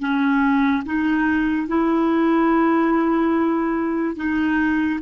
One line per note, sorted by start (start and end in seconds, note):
0.00 0.83 C#4
0.86 1.68 D#4
1.68 4.17 E4
4.17 5.00 D#4